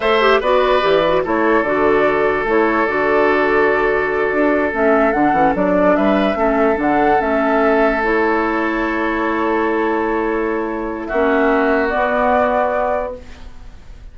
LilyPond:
<<
  \new Staff \with { instrumentName = "flute" } { \time 4/4 \tempo 4 = 146 e''4 d''2 cis''4 | d''2 cis''4 d''4~ | d''2.~ d''8 e''8~ | e''8 fis''4 d''4 e''4.~ |
e''8 fis''4 e''2 cis''8~ | cis''1~ | cis''2. e''4~ | e''4 d''2. | }
  \new Staff \with { instrumentName = "oboe" } { \time 4/4 c''4 b'2 a'4~ | a'1~ | a'1~ | a'2~ a'8 b'4 a'8~ |
a'1~ | a'1~ | a'2. fis'4~ | fis'1 | }
  \new Staff \with { instrumentName = "clarinet" } { \time 4/4 a'8 g'8 fis'4 g'8 fis'8 e'4 | fis'2 e'4 fis'4~ | fis'2.~ fis'8 cis'8~ | cis'8 d'8 cis'8 d'2 cis'8~ |
cis'8 d'4 cis'2 e'8~ | e'1~ | e'2. cis'4~ | cis'4 b2. | }
  \new Staff \with { instrumentName = "bassoon" } { \time 4/4 a4 b4 e4 a4 | d2 a4 d4~ | d2~ d8 d'4 a8~ | a8 d8 e8 fis4 g4 a8~ |
a8 d4 a2~ a8~ | a1~ | a2. ais4~ | ais4 b2. | }
>>